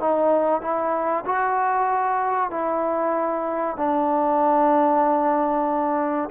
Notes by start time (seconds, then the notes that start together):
0.00 D#4
0.61 E4
1.26 F#4
2.51 E4
3.77 D4